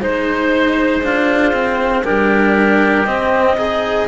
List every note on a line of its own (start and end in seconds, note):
0.00 2.03 G#3
0.00 1.03 D#4
0.00 2.05 C5
0.00 1.04 C5
1.03 1.53 D4
1.03 2.05 F4
1.53 2.04 C4
2.04 3.05 G3
2.04 3.06 D4
2.04 3.57 G4
2.04 3.06 A#4
3.05 4.07 C4
3.05 3.58 C4
3.05 4.08 D#5
3.57 4.08 D#4
3.57 4.08 G#4